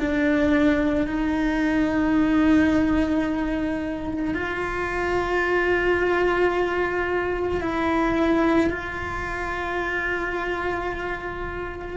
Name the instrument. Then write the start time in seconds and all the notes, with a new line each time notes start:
cello
0.00 D4
1.07 D#4
4.34 F4
7.61 E4
8.70 F4